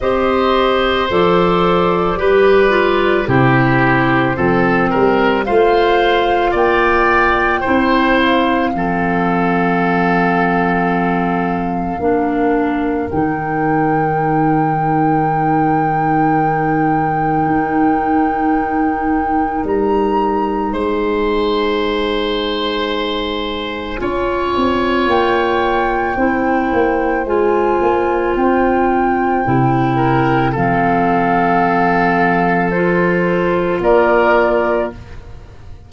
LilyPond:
<<
  \new Staff \with { instrumentName = "flute" } { \time 4/4 \tempo 4 = 55 dis''4 d''2 c''4~ | c''4 f''4 g''4. f''8~ | f''1 | g''1~ |
g''2 ais''4 gis''4~ | gis''2. g''4~ | g''4 gis''4 g''2 | f''2 c''4 d''4 | }
  \new Staff \with { instrumentName = "oboe" } { \time 4/4 c''2 b'4 g'4 | a'8 ais'8 c''4 d''4 c''4 | a'2. ais'4~ | ais'1~ |
ais'2. c''4~ | c''2 cis''2 | c''2.~ c''8 ais'8 | a'2. ais'4 | }
  \new Staff \with { instrumentName = "clarinet" } { \time 4/4 g'4 a'4 g'8 f'8 e'4 | c'4 f'2 e'4 | c'2. d'4 | dis'1~ |
dis'1~ | dis'2 f'2 | e'4 f'2 e'4 | c'2 f'2 | }
  \new Staff \with { instrumentName = "tuba" } { \time 4/4 c'4 f4 g4 c4 | f8 g8 a4 ais4 c'4 | f2. ais4 | dis1 |
dis'2 g4 gis4~ | gis2 cis'8 c'8 ais4 | c'8 ais8 gis8 ais8 c'4 c4 | f2. ais4 | }
>>